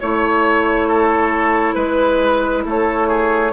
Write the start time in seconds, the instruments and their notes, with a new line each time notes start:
0.00 bassoon A3, clarinet E4, flute C#5, oboe C#5
0.88 oboe A4
1.74 bassoon G#3, flute B4, oboe B4
2.65 bassoon A3, oboe A4, flute C#5
3.08 oboe G#4